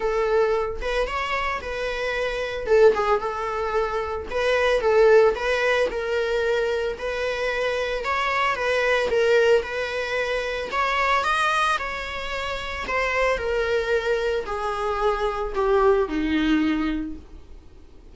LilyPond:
\new Staff \with { instrumentName = "viola" } { \time 4/4 \tempo 4 = 112 a'4. b'8 cis''4 b'4~ | b'4 a'8 gis'8 a'2 | b'4 a'4 b'4 ais'4~ | ais'4 b'2 cis''4 |
b'4 ais'4 b'2 | cis''4 dis''4 cis''2 | c''4 ais'2 gis'4~ | gis'4 g'4 dis'2 | }